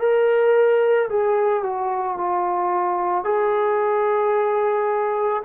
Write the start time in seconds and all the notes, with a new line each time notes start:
0.00 A#4
1.10 G#4
1.64 F#4
2.18 F4
3.25 G#4